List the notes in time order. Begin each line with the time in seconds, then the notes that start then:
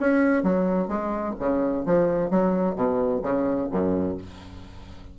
0.00 C#4
0.43 F#3
0.88 G#3
1.39 C#3
1.86 F3
2.30 F#3
2.76 B2
3.23 C#3
3.71 F#2